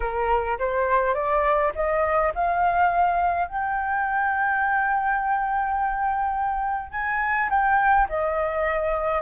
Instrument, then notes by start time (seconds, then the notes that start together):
flute
0.00 A#4
0.58 C5
1.14 D5
1.75 D#5
2.34 F5
3.48 G5
6.91 G#5
7.49 G5
8.08 D#5